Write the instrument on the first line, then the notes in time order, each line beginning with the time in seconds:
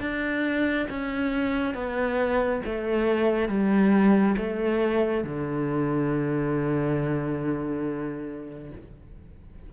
cello
0.00 D4
0.90 C#4
1.74 B3
2.66 A3
3.49 G3
4.37 A3
5.24 D3